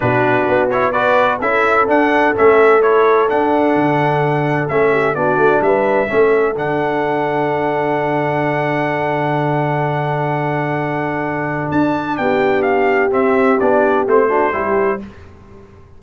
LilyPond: <<
  \new Staff \with { instrumentName = "trumpet" } { \time 4/4 \tempo 4 = 128 b'4. cis''8 d''4 e''4 | fis''4 e''4 cis''4 fis''4~ | fis''2 e''4 d''4 | e''2 fis''2~ |
fis''1~ | fis''1~ | fis''4 a''4 g''4 f''4 | e''4 d''4 c''2 | }
  \new Staff \with { instrumentName = "horn" } { \time 4/4 fis'2 b'4 a'4~ | a'1~ | a'2~ a'8 g'8 fis'4 | b'4 a'2.~ |
a'1~ | a'1~ | a'2 g'2~ | g'2~ g'8 fis'8 g'4 | }
  \new Staff \with { instrumentName = "trombone" } { \time 4/4 d'4. e'8 fis'4 e'4 | d'4 cis'4 e'4 d'4~ | d'2 cis'4 d'4~ | d'4 cis'4 d'2~ |
d'1~ | d'1~ | d'1 | c'4 d'4 c'8 d'8 e'4 | }
  \new Staff \with { instrumentName = "tuba" } { \time 4/4 b,4 b2 cis'4 | d'4 a2 d'4 | d2 a4 b8 a8 | g4 a4 d2~ |
d1~ | d1~ | d4 d'4 b2 | c'4 b4 a4 g4 | }
>>